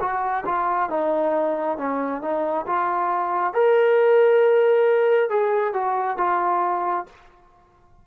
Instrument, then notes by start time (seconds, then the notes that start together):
trombone
0.00 F#4
0.45 F4
0.89 D#4
1.77 C#4
2.21 D#4
2.66 F4
3.53 A#4
5.29 G#4
5.73 F#4
6.17 F4